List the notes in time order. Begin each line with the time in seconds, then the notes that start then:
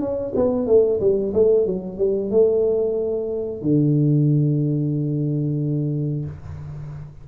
0.00 C#4
0.35 B3
0.67 A3
1.00 G3
1.33 A3
1.66 F#3
1.98 G3
2.30 A3
3.61 D3